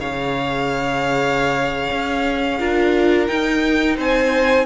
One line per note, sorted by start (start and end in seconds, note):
0.00 1.90 C#3
0.00 2.60 G#4
0.00 2.59 C#5
0.00 3.27 F5
1.91 2.60 C#4
2.60 3.29 D4
2.60 3.28 F4
2.60 3.97 A#4
3.27 4.66 D#4
3.27 3.98 D#4
3.27 3.96 G5
3.97 4.66 C4
3.97 4.66 C5
3.97 4.66 G#5